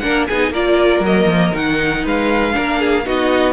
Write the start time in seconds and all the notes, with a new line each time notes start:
0.00 A#3 D4 A#4 F#5
0.28 B3 D#4 G#4 G#5
0.50 A#3 F4 A#4 D5
1.01 F#3 D#5
1.07 A#3
1.27 F3
1.53 D#3 D#4 F#5
2.05 G#3 B4 F5
2.53 A#3 D4 A#4
2.80 G#4
3.06 B3 D#4 F#4 D#5